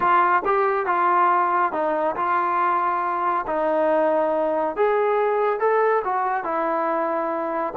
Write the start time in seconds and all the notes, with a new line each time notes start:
0.00 F4
0.45 G4
0.86 F4
1.72 D#4
2.16 F4
3.46 D#4
4.76 G#4
5.59 A4
6.04 F#4
6.44 E4